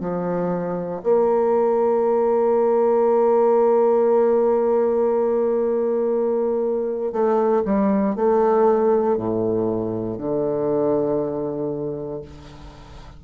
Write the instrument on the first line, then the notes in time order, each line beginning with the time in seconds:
bassoon
0.00 F3
1.04 A#3
7.12 A3
7.65 G3
8.16 A3
9.17 A2
10.18 D3